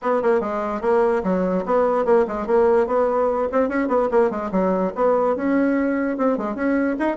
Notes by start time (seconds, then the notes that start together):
0.01 B3
0.22 A#3
0.40 G#3
0.81 A#3
1.23 F#3
1.65 B3
2.05 A#3
2.27 G#3
2.46 A#3
2.86 B3
3.52 C4
3.69 C#4
3.88 B3
4.11 A#3
4.30 G#3
4.51 F#3
4.95 B3
5.36 C#4
6.17 C4
6.37 G#3
6.55 C#4
6.99 D#4